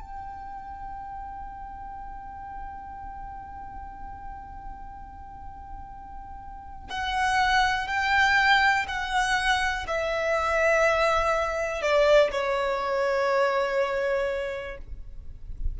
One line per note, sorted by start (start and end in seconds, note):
0.00 6.89 G5
6.90 7.87 F#5
7.87 8.86 G5
8.87 9.86 F#5
9.88 11.82 E5
11.82 12.31 D5
12.31 14.77 C#5